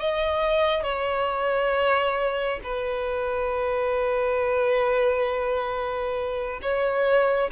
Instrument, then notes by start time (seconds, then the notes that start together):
violin
0.00 D#5
0.83 C#5
2.64 B4
6.62 C#5